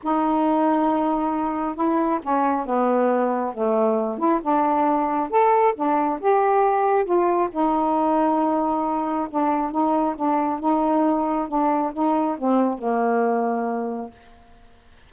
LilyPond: \new Staff \with { instrumentName = "saxophone" } { \time 4/4 \tempo 4 = 136 dis'1 | e'4 cis'4 b2 | a4. e'8 d'2 | a'4 d'4 g'2 |
f'4 dis'2.~ | dis'4 d'4 dis'4 d'4 | dis'2 d'4 dis'4 | c'4 ais2. | }